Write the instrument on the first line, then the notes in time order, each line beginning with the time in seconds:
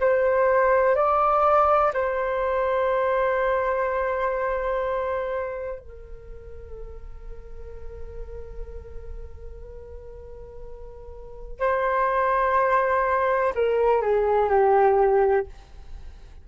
flute
0.00 C5
0.95 D5
1.93 C5
5.79 A#4
11.60 C5
13.54 A#4
14.01 G#4
14.49 G4